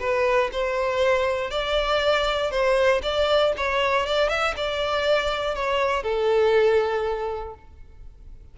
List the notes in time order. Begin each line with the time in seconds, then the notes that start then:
0.00 B4
0.52 C5
1.51 D5
2.51 C5
3.03 D5
3.57 C#5
4.07 D5
4.29 E5
4.57 D5
5.55 C#5
6.03 A4